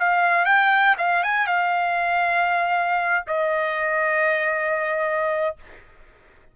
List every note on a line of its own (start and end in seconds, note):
0.00 0.45 F5
0.45 0.96 G5
0.98 1.23 F5
1.23 1.47 G#5
1.47 3.25 F5
3.27 5.56 D#5